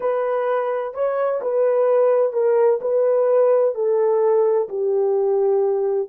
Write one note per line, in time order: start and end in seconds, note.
0.00 0.94 B4
0.94 1.40 C#5
1.41 2.32 B4
2.32 2.79 A#4
2.81 3.74 B4
3.74 4.68 A4
4.68 6.08 G4